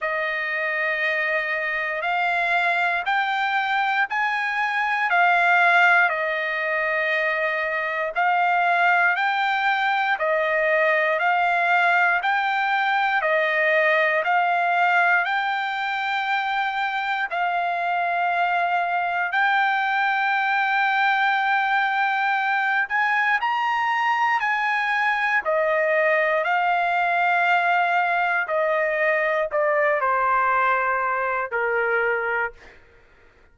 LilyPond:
\new Staff \with { instrumentName = "trumpet" } { \time 4/4 \tempo 4 = 59 dis''2 f''4 g''4 | gis''4 f''4 dis''2 | f''4 g''4 dis''4 f''4 | g''4 dis''4 f''4 g''4~ |
g''4 f''2 g''4~ | g''2~ g''8 gis''8 ais''4 | gis''4 dis''4 f''2 | dis''4 d''8 c''4. ais'4 | }